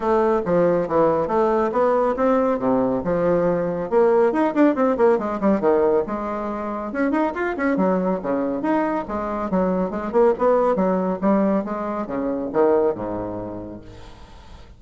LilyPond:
\new Staff \with { instrumentName = "bassoon" } { \time 4/4 \tempo 4 = 139 a4 f4 e4 a4 | b4 c'4 c4 f4~ | f4 ais4 dis'8 d'8 c'8 ais8 | gis8 g8 dis4 gis2 |
cis'8 dis'8 f'8 cis'8 fis4 cis4 | dis'4 gis4 fis4 gis8 ais8 | b4 fis4 g4 gis4 | cis4 dis4 gis,2 | }